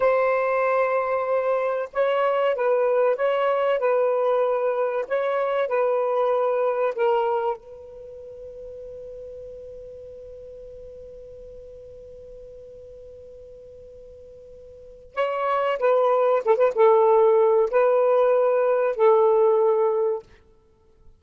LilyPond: \new Staff \with { instrumentName = "saxophone" } { \time 4/4 \tempo 4 = 95 c''2. cis''4 | b'4 cis''4 b'2 | cis''4 b'2 ais'4 | b'1~ |
b'1~ | b'1 | cis''4 b'4 a'16 b'16 a'4. | b'2 a'2 | }